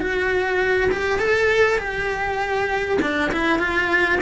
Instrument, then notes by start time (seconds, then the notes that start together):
cello
0.00 F#4
0.91 G4
1.19 A4
1.78 G4
3.02 D4
3.32 E4
3.59 F4